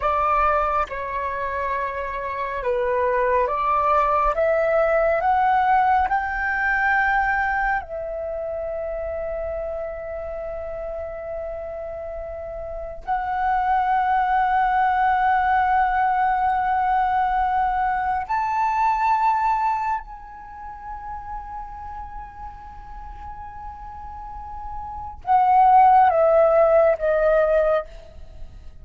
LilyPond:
\new Staff \with { instrumentName = "flute" } { \time 4/4 \tempo 4 = 69 d''4 cis''2 b'4 | d''4 e''4 fis''4 g''4~ | g''4 e''2.~ | e''2. fis''4~ |
fis''1~ | fis''4 a''2 gis''4~ | gis''1~ | gis''4 fis''4 e''4 dis''4 | }